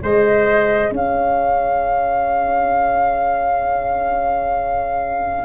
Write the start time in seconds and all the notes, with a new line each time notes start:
0.00 G#3 G#4 C5 D#5
0.91 C#4 C#5 F5